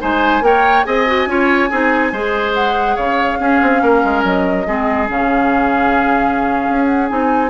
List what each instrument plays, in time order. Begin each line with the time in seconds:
0.00 bassoon G#3, clarinet D#4, oboe C5, flute G#5
0.41 bassoon A#3, clarinet A#4, oboe C#5, flute G5
0.84 bassoon C4, clarinet G#4, oboe D#5, flute G#5
1.07 clarinet F#4
1.26 bassoon C#4, clarinet F4, oboe C#5
1.69 bassoon C4, clarinet D#4, oboe G#4
2.12 bassoon G#3, clarinet G#4, oboe C5
2.54 flute F#5
2.96 bassoon C#3, oboe C#5, flute F5
3.39 clarinet C#4, bassoon C#4, oboe G#4
3.62 bassoon C4
3.82 bassoon A#3, oboe A#4
4.04 bassoon G#3
4.23 bassoon F#3, flute D#5
4.66 bassoon G#3, clarinet C4, oboe G#4
5.07 bassoon C#3, clarinet C#4, flute F5
6.69 bassoon C#4
6.86 flute F#5
7.08 bassoon C4, clarinet D#4, flute G#5